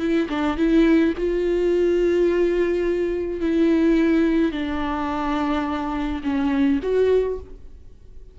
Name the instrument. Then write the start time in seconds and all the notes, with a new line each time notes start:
viola
0.00 E4
0.30 D4
0.57 E4
1.18 F4
3.41 E4
4.52 D4
6.24 C#4
6.83 F#4